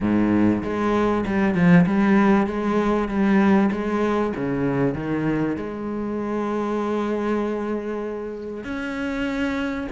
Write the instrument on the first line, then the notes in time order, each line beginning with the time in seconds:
cello
0.01 G#2
0.63 G#3
1.26 G3
1.54 F3
1.86 G3
2.46 G#3
3.08 G3
3.71 G#3
4.36 C#3
4.94 D#3
5.56 G#3
8.64 C#4